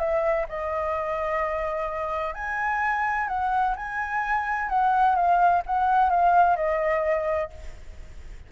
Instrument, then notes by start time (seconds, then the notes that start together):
flute
0.00 E5
0.49 D#5
2.35 G#5
3.29 F#5
3.77 G#5
4.70 F#5
5.16 F5
5.67 F#5
6.10 F5
6.57 D#5